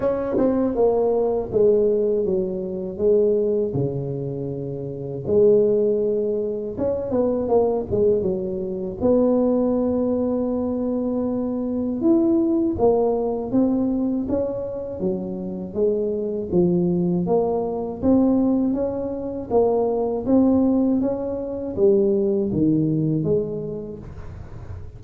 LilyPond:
\new Staff \with { instrumentName = "tuba" } { \time 4/4 \tempo 4 = 80 cis'8 c'8 ais4 gis4 fis4 | gis4 cis2 gis4~ | gis4 cis'8 b8 ais8 gis8 fis4 | b1 |
e'4 ais4 c'4 cis'4 | fis4 gis4 f4 ais4 | c'4 cis'4 ais4 c'4 | cis'4 g4 dis4 gis4 | }